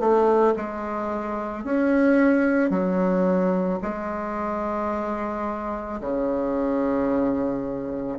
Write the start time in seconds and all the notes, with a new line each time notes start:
0.00 A3
0.57 G#3
1.65 C#4
2.71 F#3
3.82 G#3
6.01 C#3